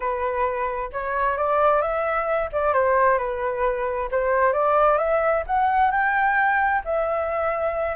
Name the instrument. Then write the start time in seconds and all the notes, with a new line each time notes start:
flute
0.00 B4
0.92 C#5
1.37 D5
1.81 E5
2.52 D5
2.73 C5
3.18 B4
4.11 C5
4.52 D5
4.98 E5
5.47 F#5
5.91 G5
6.84 E5